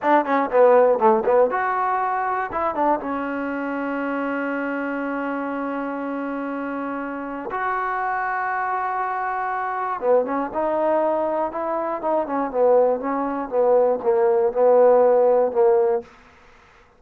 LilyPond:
\new Staff \with { instrumentName = "trombone" } { \time 4/4 \tempo 4 = 120 d'8 cis'8 b4 a8 b8 fis'4~ | fis'4 e'8 d'8 cis'2~ | cis'1~ | cis'2. fis'4~ |
fis'1 | b8 cis'8 dis'2 e'4 | dis'8 cis'8 b4 cis'4 b4 | ais4 b2 ais4 | }